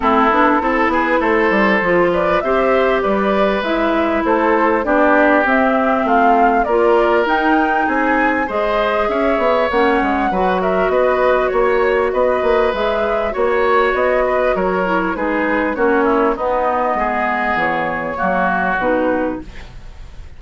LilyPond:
<<
  \new Staff \with { instrumentName = "flute" } { \time 4/4 \tempo 4 = 99 a'4. b'8 c''4. d''8 | e''4 d''4 e''4 c''4 | d''4 e''4 f''4 d''4 | g''4 gis''4 dis''4 e''4 |
fis''4. e''8 dis''4 cis''4 | dis''4 e''4 cis''4 dis''4 | cis''4 b'4 cis''4 dis''4~ | dis''4 cis''2 b'4 | }
  \new Staff \with { instrumentName = "oboe" } { \time 4/4 e'4 a'8 gis'8 a'4. b'8 | c''4 b'2 a'4 | g'2 f'4 ais'4~ | ais'4 gis'4 c''4 cis''4~ |
cis''4 b'8 ais'8 b'4 cis''4 | b'2 cis''4. b'8 | ais'4 gis'4 fis'8 e'8 dis'4 | gis'2 fis'2 | }
  \new Staff \with { instrumentName = "clarinet" } { \time 4/4 c'8 d'8 e'2 f'4 | g'2 e'2 | d'4 c'2 f'4 | dis'2 gis'2 |
cis'4 fis'2.~ | fis'4 gis'4 fis'2~ | fis'8 e'8 dis'4 cis'4 b4~ | b2 ais4 dis'4 | }
  \new Staff \with { instrumentName = "bassoon" } { \time 4/4 a8 b8 c'8 b8 a8 g8 f4 | c'4 g4 gis4 a4 | b4 c'4 a4 ais4 | dis'4 c'4 gis4 cis'8 b8 |
ais8 gis8 fis4 b4 ais4 | b8 ais8 gis4 ais4 b4 | fis4 gis4 ais4 b4 | gis4 e4 fis4 b,4 | }
>>